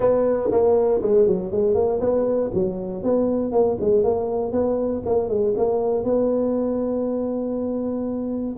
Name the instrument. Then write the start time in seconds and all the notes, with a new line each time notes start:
tuba
0.00 B3
0.51 A#3
1.02 G#3
1.27 F#3
1.51 G#3
1.74 A#3
2.00 B3
2.53 F#3
3.03 B3
3.52 A#3
3.80 G#3
4.03 A#3
4.51 B3
5.05 A#3
5.28 G#3
5.56 A#3
6.04 B3